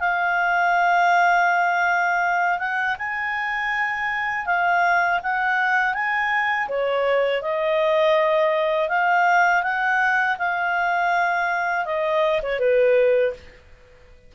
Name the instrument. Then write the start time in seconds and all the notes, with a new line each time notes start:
clarinet
0.00 F5
2.59 F#5
2.99 G#5
4.46 F5
5.23 F#5
5.94 G#5
6.68 C#5
7.42 D#5
8.89 F5
9.63 F#5
10.39 F5
11.86 D#5
12.43 C#5
12.60 B4